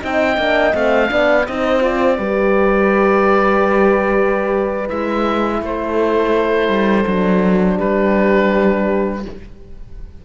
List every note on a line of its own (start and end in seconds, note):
0.00 0.38 C4
0.00 0.36 D#4
0.00 1.12 D#5
0.00 0.76 G5
0.37 0.74 A#3
0.37 0.73 D4
0.73 1.11 A3
0.73 1.08 C4
0.73 1.47 F5
1.08 1.48 B3
1.08 1.45 D4
1.08 1.48 D5
1.47 2.19 C4
1.47 1.81 D#4
1.47 2.19 C5
1.47 1.83 D#5
1.81 2.17 F4
1.81 4.89 D5
2.18 4.90 G3
2.18 4.88 G4
2.18 5.62 B4
4.88 5.62 G#3
4.88 7.05 E4
4.88 5.61 E5
5.62 6.69 A3
5.62 7.76 A4
5.62 7.80 C5
6.69 7.05 G3
7.07 7.80 F#3
7.07 9.24 D4
7.76 9.26 G3
7.76 9.20 G4
7.76 9.24 B4